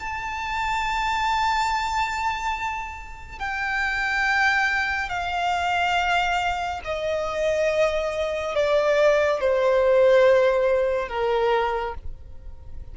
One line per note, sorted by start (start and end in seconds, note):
0.00 3.40 A5
3.40 5.10 G5
5.10 6.81 F5
6.85 8.56 D#5
8.56 9.41 D5
9.41 11.09 C5
11.09 11.95 A#4